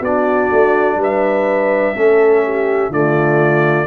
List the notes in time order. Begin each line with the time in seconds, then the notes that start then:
0.00 B3 D4 F#4 D5
0.51 A3
0.96 G3 B4
1.03 E5
1.95 A3 C#4 A4
2.44 G4
2.89 D3 A3 F4 D5